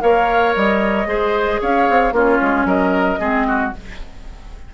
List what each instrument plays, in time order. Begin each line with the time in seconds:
0.00 bassoon A#3, clarinet A#4, oboe C#5, flute F5
0.55 bassoon G3, flute D#5
1.06 bassoon G#3, clarinet G#4, oboe C5
1.61 bassoon C#4, oboe C#5, flute F5
1.89 bassoon C4
2.12 bassoon A#3, clarinet C#4, oboe F4, flute C#5
2.41 bassoon G#3
2.65 bassoon F#3, oboe A#4, flute D#5
3.19 bassoon G#3, clarinet C4, oboe G#4
3.47 oboe F#4